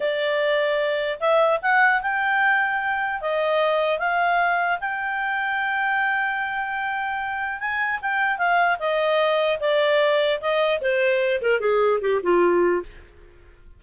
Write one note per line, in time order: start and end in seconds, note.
0.00 1.19 D5
1.19 1.59 E5
1.61 2.01 F#5
2.02 3.21 G5
3.21 3.99 D#5
3.99 4.79 F5
4.80 7.60 G5
7.60 8.00 G#5
8.01 8.38 G5
8.38 8.78 F5
8.79 9.59 D#5
9.60 10.40 D5
10.40 10.80 D#5
10.81 11.41 C5
11.41 11.60 A#4
11.60 12.00 G#4
12.01 12.21 G4
12.23 12.83 F4